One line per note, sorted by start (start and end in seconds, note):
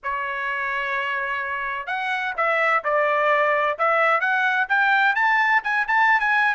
0.03 1.86 C#5
1.86 2.33 F#5
2.37 2.83 E5
2.84 3.77 D5
3.78 4.20 E5
4.20 4.67 F#5
4.68 5.15 G5
5.15 5.62 A5
5.63 5.87 G#5
5.87 6.19 A5
6.19 6.54 G#5